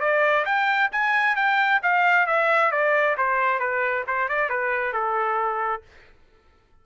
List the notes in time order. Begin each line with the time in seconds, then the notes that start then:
0.00 D5
0.45 G5
0.91 G#5
1.35 G5
1.82 F5
2.27 E5
2.71 D5
3.17 C5
3.59 B4
4.07 C5
4.28 D5
4.49 B4
4.93 A4